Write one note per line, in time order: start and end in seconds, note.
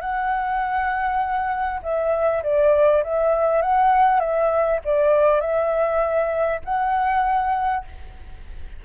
0.00 1.80 F#5
1.82 2.42 E5
2.43 3.03 D5
3.03 3.61 E5
3.61 4.19 F#5
4.19 4.79 E5
4.84 5.40 D5
5.40 6.60 E5
6.64 7.84 F#5